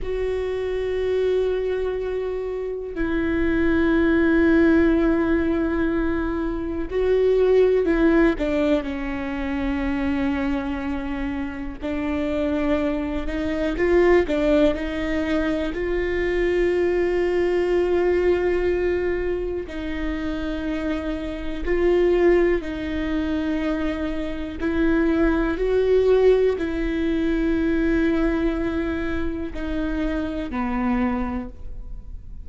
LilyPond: \new Staff \with { instrumentName = "viola" } { \time 4/4 \tempo 4 = 61 fis'2. e'4~ | e'2. fis'4 | e'8 d'8 cis'2. | d'4. dis'8 f'8 d'8 dis'4 |
f'1 | dis'2 f'4 dis'4~ | dis'4 e'4 fis'4 e'4~ | e'2 dis'4 b4 | }